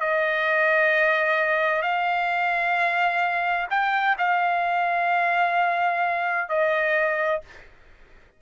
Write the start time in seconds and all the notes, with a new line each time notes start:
0.00 D#5
1.82 F5
3.70 G5
4.18 F5
6.49 D#5